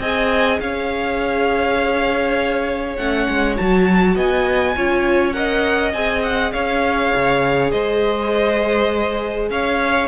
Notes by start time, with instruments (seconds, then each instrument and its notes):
0.00 cello C4, viola G#4, violin D#5 G#5
0.60 cello C#4, violin C#5 F5
2.96 cello A3, viola C#4, violin F#5
3.29 cello G#3
3.57 cello F#3, viola F#4, violin A5
4.16 cello B3, violin D#5 G#5
4.76 cello C#4, viola F4, violin C#5
5.32 viola A#4, violin D#5 F#5
5.93 cello C4, viola G#4, violin G#5
6.23 violin F#5
6.52 cello C#4, violin C#5 F5
7.15 cello C#3
7.71 cello G#3, violin C5 D#5
9.50 cello C#4, violin C#5 F5